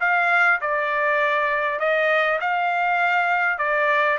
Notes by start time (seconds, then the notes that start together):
0.00 F5
0.61 D5
1.79 D#5
2.41 F5
3.58 D5